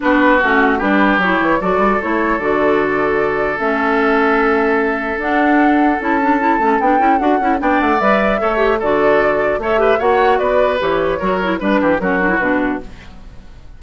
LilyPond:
<<
  \new Staff \with { instrumentName = "flute" } { \time 4/4 \tempo 4 = 150 b'4 fis'4 b'4 cis''4 | d''4 cis''4 d''2~ | d''4 e''2.~ | e''4 fis''2 a''4~ |
a''4 g''4 fis''4 g''8 fis''8 | e''2 d''2 | e''4 fis''4 d''4 cis''4~ | cis''4 b'4 ais'4 b'4 | }
  \new Staff \with { instrumentName = "oboe" } { \time 4/4 fis'2 g'2 | a'1~ | a'1~ | a'1~ |
a'2. d''4~ | d''4 cis''4 a'2 | cis''8 b'8 cis''4 b'2 | ais'4 b'8 g'8 fis'2 | }
  \new Staff \with { instrumentName = "clarinet" } { \time 4/4 d'4 cis'4 d'4 e'4 | fis'4 e'4 fis'2~ | fis'4 cis'2.~ | cis'4 d'2 e'8 d'8 |
e'8 cis'8 d'8 e'8 fis'8 e'8 d'4 | b'4 a'8 g'8 fis'2 | a'8 g'8 fis'2 g'4 | fis'8 e'8 d'4 cis'8 d'16 e'16 d'4 | }
  \new Staff \with { instrumentName = "bassoon" } { \time 4/4 b4 a4 g4 fis8 e8 | fis8 g8 a4 d2~ | d4 a2.~ | a4 d'2 cis'4~ |
cis'8 a8 b8 cis'8 d'8 cis'8 b8 a8 | g4 a4 d2 | a4 ais4 b4 e4 | fis4 g8 e8 fis4 b,4 | }
>>